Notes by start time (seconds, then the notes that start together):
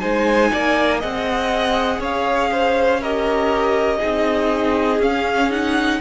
0.00 G#3 D#4 C5 G#5
0.52 A#3 D5
0.99 C4 G#4 D#5 F#5
1.99 C#4 C#5 F5
2.52 C5
3.01 G4 A#4 D#5
3.99 C4 D#4 G#4
4.99 C#4 F5
5.50 D#4 F#5